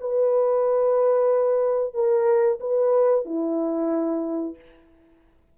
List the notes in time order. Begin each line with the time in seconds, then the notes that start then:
0.00 B4
1.94 A#4
2.60 B4
3.25 E4